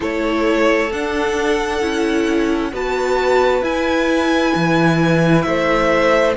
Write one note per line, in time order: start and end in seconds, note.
0.00 0.91 A3
0.00 0.90 E4
0.00 2.71 A4
0.00 0.92 C#5
0.91 1.82 D4
0.91 1.81 D4
0.91 2.74 F#5
1.81 2.72 C#4
1.81 2.72 E4
2.72 3.62 B3
2.72 3.62 F#4
2.72 5.45 B4
2.72 3.63 A5
3.62 4.53 E4
3.62 6.35 E4
3.62 5.42 G#5
4.55 5.46 E3
5.42 6.36 A3
5.42 6.36 C5
5.42 6.33 E5